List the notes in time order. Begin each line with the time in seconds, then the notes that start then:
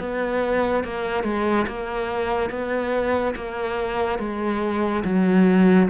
0.00 B3
0.85 A#3
1.24 G#3
1.67 A#3
2.50 B3
3.36 A#3
4.19 G#3
5.05 F#3